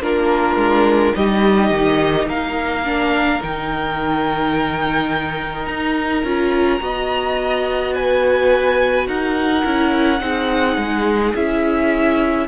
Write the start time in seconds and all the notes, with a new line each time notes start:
0.00 A#3 D4 F4 A#4
0.56 G#3
1.14 G3 D#4 G4 D#5
1.71 D#3
2.26 A#3 A#4 F5
2.84 D4
3.42 D#3 D#4 G5
5.66 D#4 A#5
6.24 C#4 F4
6.80 B3 F#4 D#5
7.94 B4 G#5
9.07 D#4 A#4 F#5
9.64 C#4 E4
10.19 C4 D#4 G#4
10.77 G#3
11.35 C#4 E4 E5